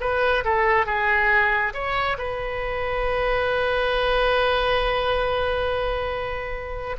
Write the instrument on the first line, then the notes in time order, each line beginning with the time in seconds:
oboe
0.00 B4
0.44 A4
0.86 G#4
1.73 C#5
2.18 B4